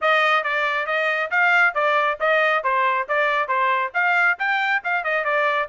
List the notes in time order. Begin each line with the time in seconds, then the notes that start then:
0.01 D#5
0.43 D5
0.86 D#5
1.30 F5
1.74 D5
2.19 D#5
2.63 C5
3.08 D5
3.48 C5
3.94 F5
4.38 G5
4.84 F5
5.04 D#5
5.24 D5